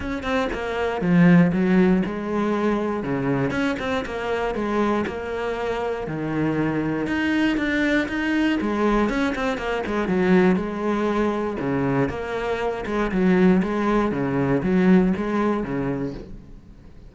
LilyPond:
\new Staff \with { instrumentName = "cello" } { \time 4/4 \tempo 4 = 119 cis'8 c'8 ais4 f4 fis4 | gis2 cis4 cis'8 c'8 | ais4 gis4 ais2 | dis2 dis'4 d'4 |
dis'4 gis4 cis'8 c'8 ais8 gis8 | fis4 gis2 cis4 | ais4. gis8 fis4 gis4 | cis4 fis4 gis4 cis4 | }